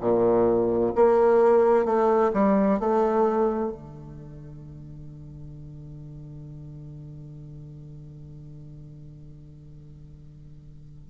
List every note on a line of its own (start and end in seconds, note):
0.00 0.92 A#2
0.95 1.85 A#3
1.85 2.31 A3
2.33 2.79 G3
2.79 3.71 A3
3.71 11.09 D3